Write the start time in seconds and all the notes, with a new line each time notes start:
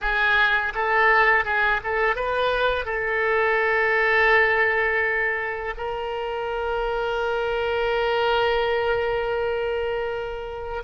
0.01 G#4
0.74 A4
1.45 G#4
1.83 A4
2.15 B4
2.85 A4
5.77 A#4